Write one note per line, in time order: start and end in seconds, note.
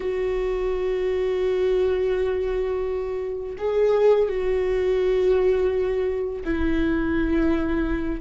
0.00 3.56 F#4
3.58 4.29 G#4
4.29 6.43 F#4
6.44 8.20 E4